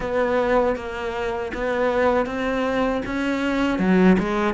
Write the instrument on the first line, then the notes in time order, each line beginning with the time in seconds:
cello
0.00 B3
0.76 A#3
1.54 B3
2.26 C4
3.05 C#4
3.78 F#3
4.18 G#3